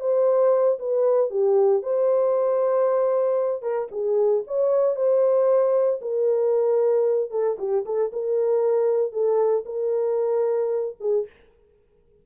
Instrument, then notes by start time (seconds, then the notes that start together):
horn
0.00 C5
0.79 B4
1.30 G4
1.83 C5
3.62 A#4
3.91 G#4
4.47 C#5
4.96 C5
6.01 A#4
7.31 A4
7.58 G4
7.85 A4
8.13 A#4
9.12 A4
9.65 A#4
11.00 G#4